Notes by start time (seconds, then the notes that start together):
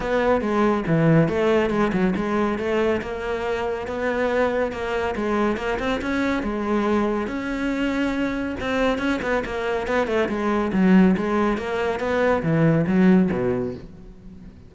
0.00 B3
0.41 G#3
0.87 E3
1.28 A3
1.70 G#3
1.92 F#3
2.16 G#3
2.58 A3
3.01 A#3
3.87 B3
4.71 A#3
5.15 G#3
5.57 A#3
5.79 C4
6.01 C#4
6.42 G#3
7.27 C#4
8.60 C4
8.98 C#4
9.22 B3
9.45 A#3
9.87 B3
10.07 A3
10.28 G#3
10.73 F#3
11.16 G#3
11.57 A#3
11.99 B3
12.42 E3
12.86 F#3
13.31 B2